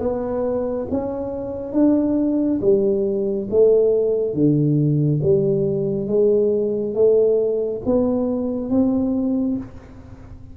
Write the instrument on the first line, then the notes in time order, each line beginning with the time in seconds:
tuba
0.00 B3
0.91 C#4
1.73 D4
2.61 G3
3.51 A3
4.34 D3
5.23 G3
6.08 G#3
6.95 A3
7.86 B3
8.70 C4